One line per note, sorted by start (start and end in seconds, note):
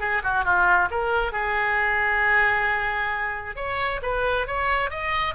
0.00 0.22 G#4
0.24 0.45 F#4
0.45 0.89 F4
0.91 1.32 A#4
1.32 3.56 G#4
3.56 4.01 C#5
4.02 4.47 B4
4.47 4.90 C#5
4.90 5.35 D#5